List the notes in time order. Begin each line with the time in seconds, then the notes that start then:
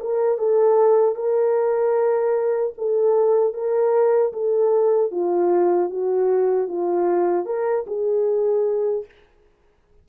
0.00 A#4
0.38 A4
1.15 A#4
2.78 A4
3.54 A#4
4.33 A4
5.11 F4
5.90 F#4
6.68 F4
7.46 A#4
7.87 G#4